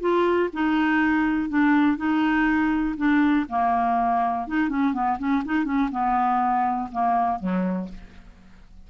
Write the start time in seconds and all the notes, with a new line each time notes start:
0.00 F4
0.53 D#4
1.49 D4
1.97 D#4
2.97 D4
3.49 A#3
4.47 D#4
4.69 C#4
4.93 B3
5.18 C#4
5.45 D#4
5.64 C#4
5.91 B3
6.91 A#3
7.39 F#3